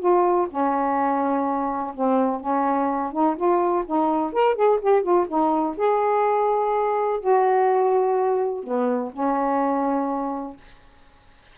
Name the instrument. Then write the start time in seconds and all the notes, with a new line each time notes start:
saxophone
0.00 F4
0.50 C#4
1.95 C4
2.41 C#4
3.12 D#4
3.37 F4
3.86 D#4
4.33 A#4
4.55 G#4
4.81 G4
5.03 F4
5.28 D#4
5.77 G#4
7.20 F#4
8.64 B3
9.13 C#4